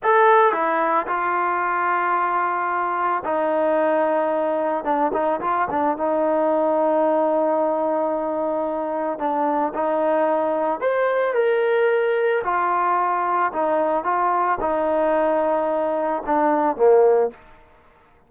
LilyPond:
\new Staff \with { instrumentName = "trombone" } { \time 4/4 \tempo 4 = 111 a'4 e'4 f'2~ | f'2 dis'2~ | dis'4 d'8 dis'8 f'8 d'8 dis'4~ | dis'1~ |
dis'4 d'4 dis'2 | c''4 ais'2 f'4~ | f'4 dis'4 f'4 dis'4~ | dis'2 d'4 ais4 | }